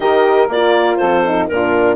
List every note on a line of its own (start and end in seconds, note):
0.00 0.48 D#3
0.00 0.49 G4
0.00 0.98 A#4
0.00 0.49 D#5
0.48 0.98 A#3
0.48 1.24 F4
0.48 0.96 D5
0.96 1.49 F2
0.96 1.48 A4
0.96 1.46 C5
1.24 1.49 D#4
1.47 1.96 A#2
1.47 1.96 D4
1.47 1.96 F4
1.47 1.96 A#4